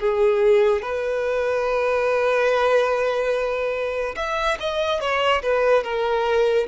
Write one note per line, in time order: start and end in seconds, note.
0.00 0.82 G#4
0.82 4.16 B4
4.16 4.58 E5
4.60 5.00 D#5
5.00 5.42 C#5
5.42 5.84 B4
5.84 6.67 A#4